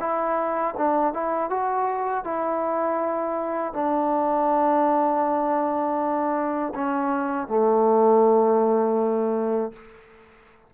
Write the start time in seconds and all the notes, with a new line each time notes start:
0.00 E4
0.78 D4
1.14 E4
1.50 F#4
2.24 E4
3.74 D4
6.75 C#4
7.48 A3